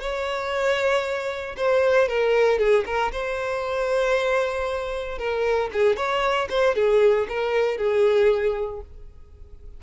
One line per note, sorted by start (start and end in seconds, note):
0.00 1.55 C#5
1.56 2.08 C5
2.08 2.58 A#4
2.58 2.84 G#4
2.85 3.11 A#4
3.12 5.18 C5
5.18 5.70 A#4
5.72 5.96 G#4
5.96 6.48 C#5
6.49 6.75 C5
6.75 7.27 G#4
7.29 7.77 A#4
7.77 8.80 G#4